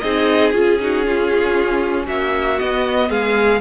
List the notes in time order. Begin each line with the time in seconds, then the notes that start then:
0.00 C4 D#4 G#4 D#5
0.52 C#4 F4 G#4
0.81 D#4 F#4
1.05 C#4 F4
2.06 A#3 F#4 E5
2.58 B3 D#5
3.10 G#3 G#4 F5